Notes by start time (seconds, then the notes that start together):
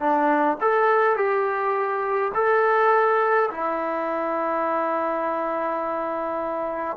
0.00 D4
0.61 A4
1.17 G4
2.35 A4
3.51 E4